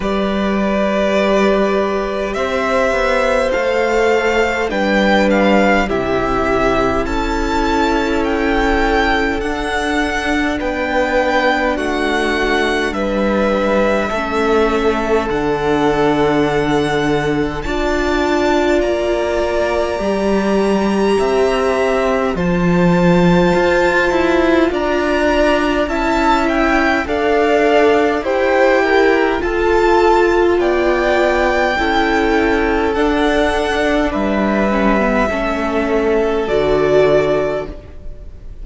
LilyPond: <<
  \new Staff \with { instrumentName = "violin" } { \time 4/4 \tempo 4 = 51 d''2 e''4 f''4 | g''8 f''8 e''4 a''4 g''4 | fis''4 g''4 fis''4 e''4~ | e''4 fis''2 a''4 |
ais''2. a''4~ | a''4 ais''4 a''8 g''8 f''4 | g''4 a''4 g''2 | fis''4 e''2 d''4 | }
  \new Staff \with { instrumentName = "violin" } { \time 4/4 b'2 c''2 | b'4 g'4 a'2~ | a'4 b'4 fis'4 b'4 | a'2. d''4~ |
d''2 e''4 c''4~ | c''4 d''4 e''4 d''4 | c''8 ais'8 a'4 d''4 a'4~ | a'4 b'4 a'2 | }
  \new Staff \with { instrumentName = "viola" } { \time 4/4 g'2. a'4 | d'4 e'2. | d'1 | cis'4 d'2 f'4~ |
f'4 g'2 f'4~ | f'2 e'4 a'4 | g'4 f'2 e'4 | d'4. cis'16 b16 cis'4 fis'4 | }
  \new Staff \with { instrumentName = "cello" } { \time 4/4 g2 c'8 b8 a4 | g4 c4 cis'2 | d'4 b4 a4 g4 | a4 d2 d'4 |
ais4 g4 c'4 f4 | f'8 e'8 d'4 cis'4 d'4 | e'4 f'4 b4 cis'4 | d'4 g4 a4 d4 | }
>>